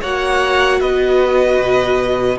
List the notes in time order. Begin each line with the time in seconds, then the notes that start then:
0.00 A#3 F#4 C#5 F#5
0.80 B3 B4 D#5
1.57 B2